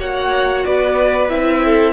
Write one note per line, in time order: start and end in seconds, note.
0.00 0.66 A#3
0.00 1.30 F#4
0.00 0.66 C#5
0.00 0.66 F#5
0.66 1.31 B3
0.66 1.65 B4
0.66 1.30 D5
1.30 1.93 C4
1.30 1.93 E4
1.30 1.93 E5
1.65 1.93 A4